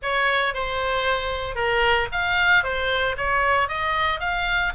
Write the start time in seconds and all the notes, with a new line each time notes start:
0.02 C#5
0.54 C5
1.55 A#4
2.11 F5
2.63 C5
3.17 C#5
3.68 D#5
4.20 F5